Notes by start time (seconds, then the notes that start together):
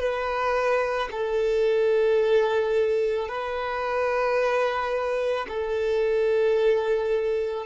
0.00 B4
1.12 A4
3.29 B4
5.48 A4